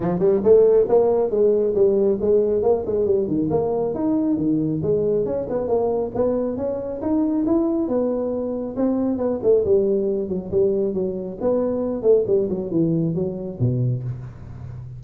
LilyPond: \new Staff \with { instrumentName = "tuba" } { \time 4/4 \tempo 4 = 137 f8 g8 a4 ais4 gis4 | g4 gis4 ais8 gis8 g8 dis8 | ais4 dis'4 dis4 gis4 | cis'8 b8 ais4 b4 cis'4 |
dis'4 e'4 b2 | c'4 b8 a8 g4. fis8 | g4 fis4 b4. a8 | g8 fis8 e4 fis4 b,4 | }